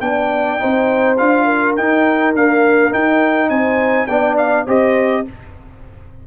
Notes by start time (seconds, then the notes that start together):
0.00 B3 D4 D5 G5
0.58 C4 D#4 C5
1.17 D4 F4 F5
1.45 A#4
1.76 D#4 G5
2.35 A#3 D4 F5
2.91 D#4 G5
3.49 C4 C5 G#5
4.06 B3 D4 D5 G5
4.37 F5
4.65 C4 G4 C5 D#5